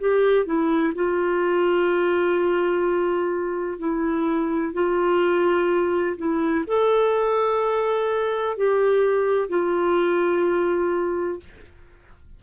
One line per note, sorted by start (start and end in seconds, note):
0.00 0.45 G4
0.45 0.93 E4
0.95 3.79 F4
3.79 4.74 E4
4.74 6.16 F4
6.17 6.65 E4
6.67 8.57 A4
8.57 9.49 G4
9.49 11.40 F4